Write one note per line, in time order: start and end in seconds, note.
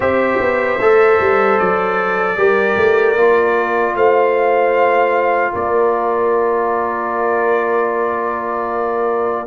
0.00 0.39 C4
0.00 0.79 G4
0.00 2.35 C5
0.00 1.58 E5
0.40 0.79 B3
0.80 1.19 A3
0.80 2.37 A4
1.20 1.59 G3
1.58 2.36 F#3
1.58 3.95 D5
2.36 2.76 G3
2.36 3.16 G4
2.36 3.95 A#4
2.76 3.16 A3
3.16 3.94 A#3
3.16 9.46 F4
3.94 5.52 A3
3.94 5.52 C5
3.94 5.54 F5
5.52 9.46 A#3
5.52 9.46 A#4
5.52 9.46 D5